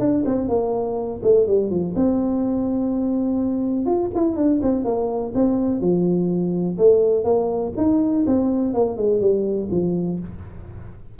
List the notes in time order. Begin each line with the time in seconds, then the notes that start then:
0.00 D4
0.26 C4
0.49 A#3
1.23 A3
1.47 G3
1.70 F3
1.96 C4
3.86 F4
4.16 E4
4.37 D4
4.63 C4
4.85 A#3
5.35 C4
5.81 F3
6.79 A3
7.25 A#3
7.78 D#4
8.27 C4
8.74 A#3
8.98 G#3
9.21 G3
9.71 F3